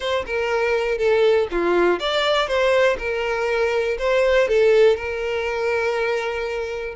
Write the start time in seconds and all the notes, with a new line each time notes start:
0.00 C5
0.25 A#4
0.98 A4
1.51 F4
1.99 D5
2.47 C5
2.98 A#4
3.98 C5
4.47 A4
4.96 A#4